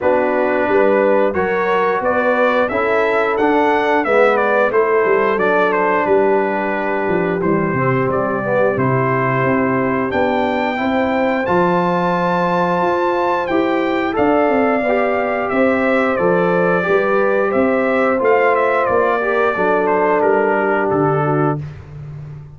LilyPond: <<
  \new Staff \with { instrumentName = "trumpet" } { \time 4/4 \tempo 4 = 89 b'2 cis''4 d''4 | e''4 fis''4 e''8 d''8 c''4 | d''8 c''8 b'2 c''4 | d''4 c''2 g''4~ |
g''4 a''2. | g''4 f''2 e''4 | d''2 e''4 f''8 e''8 | d''4. c''8 ais'4 a'4 | }
  \new Staff \with { instrumentName = "horn" } { \time 4/4 fis'4 b'4 ais'4 b'4 | a'2 b'4 a'4~ | a'4 g'2.~ | g'1 |
c''1~ | c''4 d''2 c''4~ | c''4 b'4 c''2~ | c''8 ais'8 a'4. g'4 fis'8 | }
  \new Staff \with { instrumentName = "trombone" } { \time 4/4 d'2 fis'2 | e'4 d'4 b4 e'4 | d'2. g8 c'8~ | c'8 b8 e'2 d'4 |
e'4 f'2. | g'4 a'4 g'2 | a'4 g'2 f'4~ | f'8 g'8 d'2. | }
  \new Staff \with { instrumentName = "tuba" } { \time 4/4 b4 g4 fis4 b4 | cis'4 d'4 gis4 a8 g8 | fis4 g4. f8 e8 c8 | g4 c4 c'4 b4 |
c'4 f2 f'4 | e'4 d'8 c'8 b4 c'4 | f4 g4 c'4 a4 | ais4 fis4 g4 d4 | }
>>